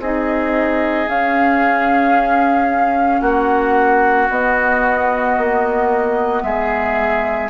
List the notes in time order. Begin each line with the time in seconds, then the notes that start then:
0.00 C4 D#4 G#4 D#5
1.07 C#4 F5
3.21 A#3 F#4 F#5
4.30 B3 D#5
5.38 A#3
6.42 G#3 G#4 E5